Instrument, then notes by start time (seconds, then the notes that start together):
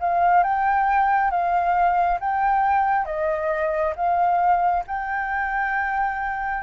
flute
0.00 F5
0.44 G5
1.31 F5
2.20 G5
3.06 D#5
3.96 F5
4.87 G5